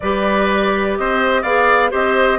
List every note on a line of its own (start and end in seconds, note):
0.00 0.98 G3
0.00 1.46 G4
0.00 0.98 B4
0.00 0.97 D5
0.97 1.43 C4
0.97 1.42 C5
0.97 1.43 D#5
1.42 1.91 B3
1.42 1.90 G#4
1.42 1.90 D5
1.42 1.91 F5
1.90 2.39 C4
1.90 2.39 G4
1.90 2.39 C5
1.90 2.39 D#5